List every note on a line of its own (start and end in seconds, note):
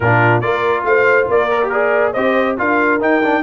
0.00 0.42 A#2
0.00 0.42 D4
0.00 0.42 F4
0.00 0.40 A#4
0.40 0.84 A#3
0.40 1.49 F4
0.40 0.85 A#4
0.40 0.83 D5
0.84 1.27 A3
0.84 1.29 C5
0.84 1.27 F5
1.28 2.13 A#3
1.28 1.72 A#4
1.28 1.69 D5
1.50 1.61 A#4
1.62 1.71 G4
1.69 2.14 G#4
1.69 2.12 A#4
1.69 2.12 D5
2.12 2.58 C4
2.12 2.57 G4
2.12 2.55 C5
2.12 2.56 D#5
2.57 3.00 D4
2.57 3.00 F4
2.57 3.42 A#4
2.57 3.01 F5
3.00 3.21 D#4
3.00 3.42 D#4
3.00 3.42 G5
3.22 3.42 D4